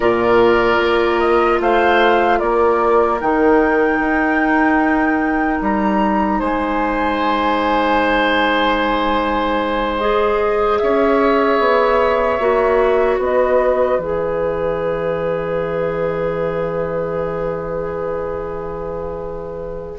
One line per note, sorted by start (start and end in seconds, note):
0.00 0.78 A#2
0.00 3.20 F4
0.00 1.59 A#4
0.00 1.19 D5
0.78 1.58 A#3
1.19 1.59 D#5
1.60 2.40 A3
1.60 2.39 C5
1.60 2.39 F5
2.39 3.20 A#3
2.39 6.39 A#4
2.39 3.19 D5
3.20 3.99 D#3
3.20 10.00 D#4
3.20 5.61 G5
3.99 5.59 D#4
5.61 6.41 G3
5.61 6.40 A#5
6.39 10.81 G#3
6.39 10.79 C5
6.39 9.99 G#5
9.99 12.39 G#4
9.99 10.78 D#5
10.78 11.59 C#4
10.78 13.19 C#5
10.78 13.18 E5
11.59 12.39 B3
12.39 13.18 A#3
12.39 13.99 F#4
13.18 13.98 B3
13.18 19.99 B4
13.18 14.00 D#5
13.98 19.98 E3
13.98 19.99 G#4
13.98 19.99 E5